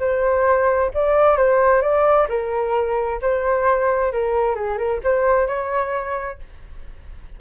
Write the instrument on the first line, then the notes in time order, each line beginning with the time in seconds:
flute
0.00 C5
0.94 D5
1.38 C5
1.82 D5
2.29 A#4
3.22 C5
4.13 A#4
4.56 G#4
4.78 A#4
5.04 C5
5.48 C#5